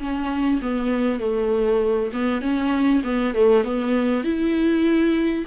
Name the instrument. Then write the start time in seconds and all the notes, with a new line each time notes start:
viola
0.00 C#4
0.62 B3
1.20 A3
2.13 B3
2.42 C#4
3.04 B3
3.34 A3
3.64 B3
4.24 E4